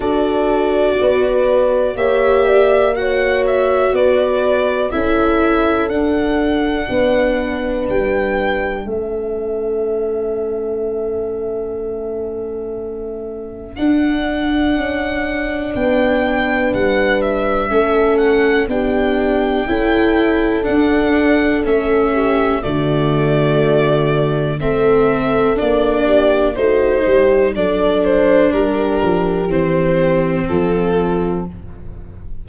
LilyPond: <<
  \new Staff \with { instrumentName = "violin" } { \time 4/4 \tempo 4 = 61 d''2 e''4 fis''8 e''8 | d''4 e''4 fis''2 | g''4 e''2.~ | e''2 fis''2 |
g''4 fis''8 e''4 fis''8 g''4~ | g''4 fis''4 e''4 d''4~ | d''4 e''4 d''4 c''4 | d''8 c''8 ais'4 c''4 a'4 | }
  \new Staff \with { instrumentName = "horn" } { \time 4/4 a'4 b'4 cis''8 d''8 cis''4 | b'4 a'2 b'4~ | b'4 a'2.~ | a'1 |
b'2 a'4 g'4 | a'2~ a'8 g'8 fis'4~ | fis'4 a'4. g'8 fis'8 g'8 | a'4 g'2 f'4 | }
  \new Staff \with { instrumentName = "viola" } { \time 4/4 fis'2 g'4 fis'4~ | fis'4 e'4 d'2~ | d'4 cis'2.~ | cis'2 d'2~ |
d'2 cis'4 d'4 | e'4 d'4 cis'4 a4~ | a4 c'4 d'4 dis'4 | d'2 c'2 | }
  \new Staff \with { instrumentName = "tuba" } { \time 4/4 d'4 b4 ais2 | b4 cis'4 d'4 b4 | g4 a2.~ | a2 d'4 cis'4 |
b4 g4 a4 b4 | cis'4 d'4 a4 d4~ | d4 a4 ais4 a8 g8 | fis4 g8 f8 e4 f4 | }
>>